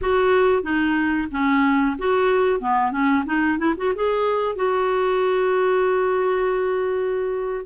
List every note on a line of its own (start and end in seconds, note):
0.01 0.63 F#4
0.63 1.28 D#4
1.31 1.96 C#4
1.98 2.60 F#4
2.60 2.91 B3
2.91 3.24 C#4
3.25 3.58 D#4
3.58 3.74 E4
3.77 3.93 F#4
3.95 4.55 G#4
4.55 7.65 F#4